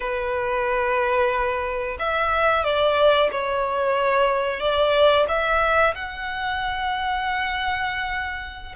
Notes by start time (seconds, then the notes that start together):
0.00 B4
1.99 E5
2.64 D5
3.31 C#5
4.60 D5
5.28 E5
5.95 F#5